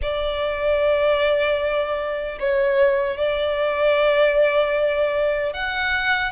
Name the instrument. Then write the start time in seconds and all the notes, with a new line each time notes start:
violin
0.01 D5
2.39 C#5
3.17 D5
5.53 F#5